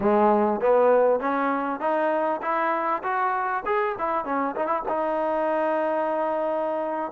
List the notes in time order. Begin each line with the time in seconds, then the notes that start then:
0.00 G#3
0.61 B3
1.20 C#4
1.80 D#4
2.42 E4
3.03 F#4
3.65 G#4
3.98 E4
4.25 C#4
4.56 D#4
4.66 E4
4.88 D#4